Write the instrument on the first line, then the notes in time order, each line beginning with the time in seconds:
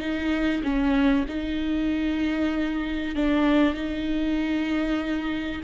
viola
0.00 D#4
0.64 C#4
1.28 D#4
3.15 D4
3.74 D#4